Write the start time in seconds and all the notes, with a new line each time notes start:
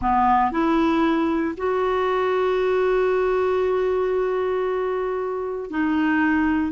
0.01 B3
0.51 E4
1.57 F#4
5.70 D#4